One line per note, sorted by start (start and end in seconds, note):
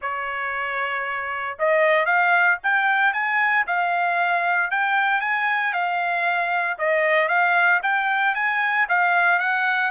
0.01 1.58 C#5
1.58 2.05 D#5
2.05 2.58 F5
2.63 3.13 G5
3.13 3.65 G#5
3.66 4.71 F5
4.71 5.21 G5
5.21 5.72 G#5
5.72 6.77 F5
6.78 7.28 D#5
7.28 7.80 F5
7.82 8.34 G5
8.34 8.86 G#5
8.88 9.39 F5
9.39 9.91 F#5